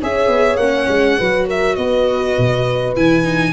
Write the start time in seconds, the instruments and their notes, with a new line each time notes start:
0.00 tuba C#4, viola G#4, horn C#5, violin E5
0.27 tuba B3
0.56 tuba A#3, viola C#4, violin F#5
0.88 tuba G#3
1.17 tuba F#3, viola F#4, horn B4
1.47 horn A#4, violin E5
1.75 tuba B3, horn B4, violin D#5
2.38 tuba B2
2.96 tuba E3, viola E4, violin G#5
3.23 viola D#4